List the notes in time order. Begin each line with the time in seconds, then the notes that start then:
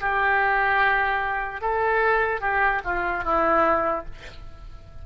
0.00 G4
1.61 A4
2.41 G4
2.84 F4
3.24 E4